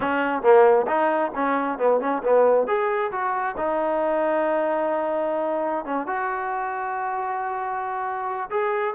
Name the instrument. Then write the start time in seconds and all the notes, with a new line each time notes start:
trombone
0.00 C#4
0.42 A#3
0.87 D#4
1.35 C#4
1.78 B3
2.00 C#4
2.23 B3
2.67 G#4
3.11 F#4
3.57 D#4
5.85 C#4
6.06 F#4
8.50 G#4